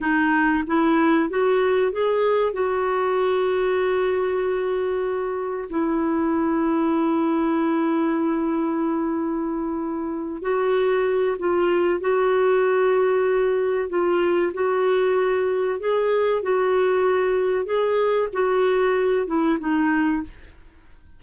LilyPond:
\new Staff \with { instrumentName = "clarinet" } { \time 4/4 \tempo 4 = 95 dis'4 e'4 fis'4 gis'4 | fis'1~ | fis'4 e'2.~ | e'1~ |
e'8 fis'4. f'4 fis'4~ | fis'2 f'4 fis'4~ | fis'4 gis'4 fis'2 | gis'4 fis'4. e'8 dis'4 | }